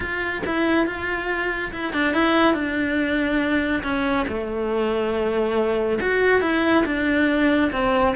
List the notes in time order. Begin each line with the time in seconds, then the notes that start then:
0.00 F4
0.46 E4
0.86 F4
1.73 E4
1.93 D4
2.13 E4
2.54 D4
3.83 C#4
4.27 A3
6.00 F#4
6.41 E4
6.85 D4
7.72 C4